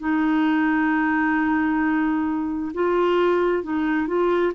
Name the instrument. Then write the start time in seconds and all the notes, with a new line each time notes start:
clarinet
0.00 D#4
2.74 F4
3.64 D#4
4.07 F4